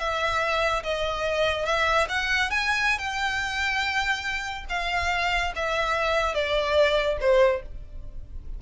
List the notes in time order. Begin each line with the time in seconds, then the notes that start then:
0.00 E5
0.83 D#5
1.66 E5
2.09 F#5
2.51 G#5
2.99 G5
4.70 F5
5.56 E5
6.35 D5
7.21 C5